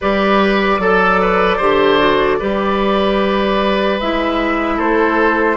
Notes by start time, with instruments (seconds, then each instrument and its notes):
0.01 bassoon G3, clarinet G4, oboe B4, flute D5
0.78 bassoon F#3, oboe A4, clarinet A4
1.21 oboe B4
1.57 bassoon D3, clarinet G4, oboe C5
1.98 clarinet F#4
2.39 bassoon G3, clarinet G4, oboe B4
4.00 bassoon G#3, clarinet E4, flute E5
4.76 bassoon A3, oboe A4, flute C5